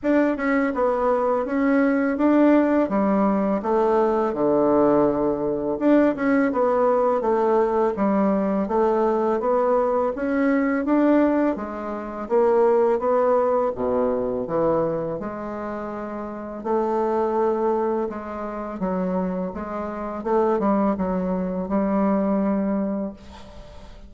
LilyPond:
\new Staff \with { instrumentName = "bassoon" } { \time 4/4 \tempo 4 = 83 d'8 cis'8 b4 cis'4 d'4 | g4 a4 d2 | d'8 cis'8 b4 a4 g4 | a4 b4 cis'4 d'4 |
gis4 ais4 b4 b,4 | e4 gis2 a4~ | a4 gis4 fis4 gis4 | a8 g8 fis4 g2 | }